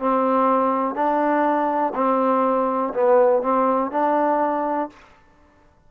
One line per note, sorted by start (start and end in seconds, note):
0.00 0.95 C4
0.95 1.93 D4
1.95 2.93 C4
2.94 3.43 B3
3.43 3.91 C4
3.91 4.90 D4